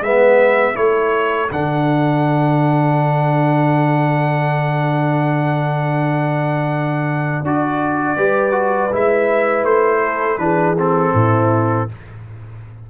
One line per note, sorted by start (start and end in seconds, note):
0.00 0.74 G#3
0.00 0.74 B3
0.00 0.74 B4
0.00 0.76 E5
0.74 1.50 A3
0.74 1.48 E4
0.74 8.15 A4
0.74 1.50 C#5
1.51 7.42 D3
1.51 7.45 D4
1.51 7.44 F#5
7.42 8.16 D4
7.42 8.17 F#4
7.42 8.94 D5
8.16 8.90 G3
8.16 8.51 G4
8.16 10.01 B4
8.51 8.88 F#4
8.92 9.63 G#3
8.92 10.38 E4
8.92 9.64 E5
9.63 10.37 A3
9.63 10.38 C5
10.03 10.40 A4
10.37 11.12 E3
10.37 10.75 D4
10.37 11.15 G#4
10.37 10.75 B4
10.77 11.89 C4
10.77 11.90 A4
11.14 11.88 A2
11.14 11.89 E4